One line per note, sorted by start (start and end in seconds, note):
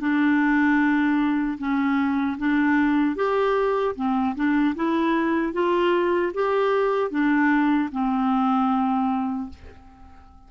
0.00 1.58 D4
1.58 2.37 C#4
2.38 3.16 D4
3.16 3.95 G4
3.95 4.35 C4
4.36 4.75 D4
4.75 5.53 E4
5.53 6.32 F4
6.34 7.11 G4
7.11 7.89 D4
7.92 9.50 C4